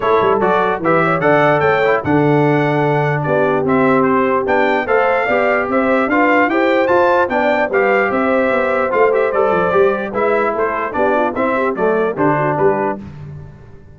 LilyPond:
<<
  \new Staff \with { instrumentName = "trumpet" } { \time 4/4 \tempo 4 = 148 cis''4 d''4 e''4 fis''4 | g''4 fis''2. | d''4 e''4 c''4 g''4 | f''2 e''4 f''4 |
g''4 a''4 g''4 f''4 | e''2 f''8 e''8 d''4~ | d''4 e''4 c''4 d''4 | e''4 d''4 c''4 b'4 | }
  \new Staff \with { instrumentName = "horn" } { \time 4/4 a'2 b'8 cis''8 d''4 | cis''4 a'2. | g'1 | c''4 d''4 c''4 b'4 |
c''2 d''4 b'4 | c''1~ | c''4 b'4 a'4 g'8 f'8 | e'8 g'8 a'4 g'8 fis'8 g'4 | }
  \new Staff \with { instrumentName = "trombone" } { \time 4/4 e'4 fis'4 g'4 a'4~ | a'8 e'8 d'2.~ | d'4 c'2 d'4 | a'4 g'2 f'4 |
g'4 f'4 d'4 g'4~ | g'2 f'8 g'8 a'4 | g'4 e'2 d'4 | c'4 a4 d'2 | }
  \new Staff \with { instrumentName = "tuba" } { \time 4/4 a8 g8 fis4 e4 d4 | a4 d2. | b4 c'2 b4 | a4 b4 c'4 d'4 |
e'4 f'4 b4 g4 | c'4 b4 a4 g8 f8 | g4 gis4 a4 b4 | c'4 fis4 d4 g4 | }
>>